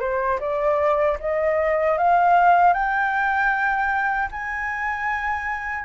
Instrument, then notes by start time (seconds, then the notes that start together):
flute
0.00 C5
0.40 D5
1.20 D#5
1.98 F5
2.73 G5
4.31 G#5